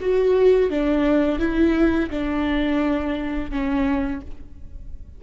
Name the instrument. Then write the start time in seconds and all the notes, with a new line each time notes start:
viola
0.00 F#4
0.70 D4
1.39 E4
2.10 D4
3.50 C#4